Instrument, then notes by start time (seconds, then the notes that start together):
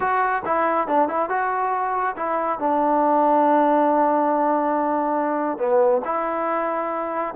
trombone
0.00 F#4
0.45 E4
0.87 D4
1.08 E4
1.29 F#4
2.16 E4
2.59 D4
5.58 B3
6.05 E4